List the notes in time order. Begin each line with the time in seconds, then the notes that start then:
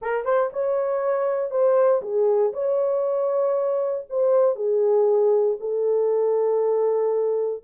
0.01 A#4
0.24 C5
0.52 C#5
1.50 C5
2.02 G#4
2.53 C#5
4.09 C5
4.55 G#4
5.60 A4